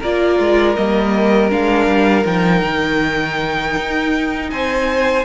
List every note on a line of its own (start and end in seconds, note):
0.00 0.39 A#3
0.00 0.77 F4
0.00 4.50 A#4
0.00 0.75 D5
0.39 0.77 G#3
0.75 1.51 G3
0.75 1.50 A#3
0.75 1.50 D#5
1.50 1.87 G#3
1.50 2.25 D4
1.50 2.25 F5
1.87 2.24 G3
2.25 2.63 F3
2.25 5.25 D#4
2.25 4.50 G5
2.63 3.76 D#3
3.77 4.52 D#4
4.50 5.25 C4
4.50 5.25 C5
4.50 5.25 G#5